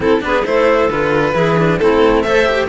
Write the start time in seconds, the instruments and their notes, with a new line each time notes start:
0.00 cello C4, clarinet E4, violin A4
0.21 cello B3 D4, clarinet G#4, violin B4
0.44 cello A3 E4, clarinet A4, violin C5
0.89 cello D3 F4, violin B4
1.34 cello E3 E4, clarinet G#4
1.58 cello D4
1.78 cello A3 C4, clarinet E4, violin A4
2.22 cello A4, clarinet C5, violin E5
2.46 cello G4